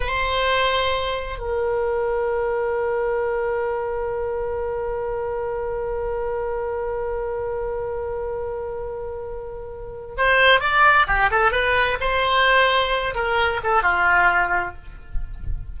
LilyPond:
\new Staff \with { instrumentName = "oboe" } { \time 4/4 \tempo 4 = 130 c''2. ais'4~ | ais'1~ | ais'1~ | ais'1~ |
ais'1~ | ais'2 c''4 d''4 | g'8 a'8 b'4 c''2~ | c''8 ais'4 a'8 f'2 | }